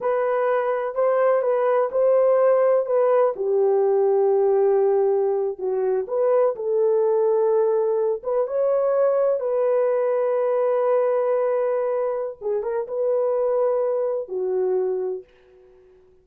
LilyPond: \new Staff \with { instrumentName = "horn" } { \time 4/4 \tempo 4 = 126 b'2 c''4 b'4 | c''2 b'4 g'4~ | g'2.~ g'8. fis'16~ | fis'8. b'4 a'2~ a'16~ |
a'4~ a'16 b'8 cis''2 b'16~ | b'1~ | b'2 gis'8 ais'8 b'4~ | b'2 fis'2 | }